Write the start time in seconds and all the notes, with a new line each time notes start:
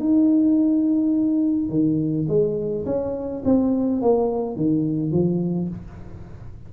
0.00 D#4
1.70 D#3
2.29 G#3
2.86 C#4
3.45 C4
4.02 A#3
4.56 D#3
5.12 F3